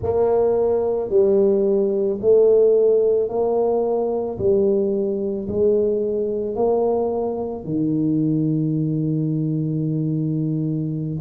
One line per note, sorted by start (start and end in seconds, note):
0.02 1.09 A#3
1.09 2.18 G3
2.21 3.28 A3
3.28 4.37 A#3
4.38 5.47 G3
5.47 6.55 G#3
6.55 7.64 A#3
7.64 11.18 D#3